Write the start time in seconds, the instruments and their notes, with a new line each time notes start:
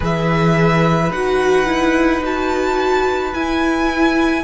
0.00 cello E3, viola G#4, violin B4 E5
1.10 cello D#4, viola F#4, violin F#5
1.66 viola E4
2.22 viola F#4, violin A5
3.34 viola E4, cello E4, violin G#5